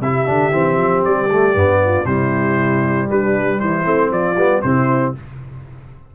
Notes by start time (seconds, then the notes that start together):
0.00 C3 E4 G4 E5
0.25 D3 D4
0.51 E3 C4
0.77 F3
1.04 G3 D5
1.30 A3
1.54 G2 B3
1.84 F4
2.05 C3 G3 E4 C5
3.10 G3 D4 B4
3.59 E3 E4 C5
3.84 A3 C4
4.11 F3 F4 D5
4.36 G3 B3
4.61 C3 C4 E4 C5